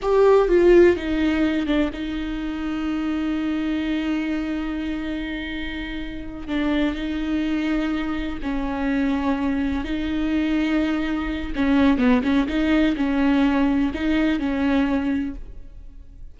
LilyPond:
\new Staff \with { instrumentName = "viola" } { \time 4/4 \tempo 4 = 125 g'4 f'4 dis'4. d'8 | dis'1~ | dis'1~ | dis'4. d'4 dis'4.~ |
dis'4. cis'2~ cis'8~ | cis'8 dis'2.~ dis'8 | cis'4 b8 cis'8 dis'4 cis'4~ | cis'4 dis'4 cis'2 | }